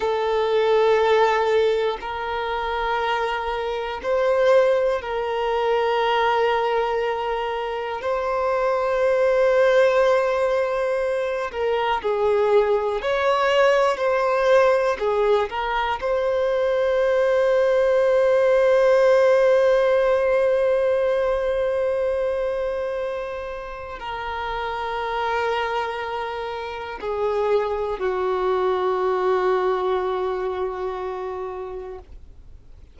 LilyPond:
\new Staff \with { instrumentName = "violin" } { \time 4/4 \tempo 4 = 60 a'2 ais'2 | c''4 ais'2. | c''2.~ c''8 ais'8 | gis'4 cis''4 c''4 gis'8 ais'8 |
c''1~ | c''1 | ais'2. gis'4 | fis'1 | }